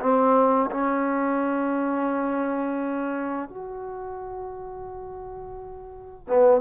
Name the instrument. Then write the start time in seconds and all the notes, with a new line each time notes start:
trombone
0.00 C4
0.71 C#4
3.49 F#4
6.27 B3